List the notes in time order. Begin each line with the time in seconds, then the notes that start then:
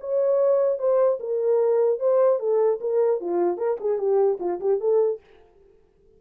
0.00 C#5
0.78 C5
1.20 A#4
1.99 C5
2.39 A4
2.80 A#4
3.20 F4
3.57 A#4
3.80 G#4
3.98 G4
4.39 F4
4.60 G4
4.80 A4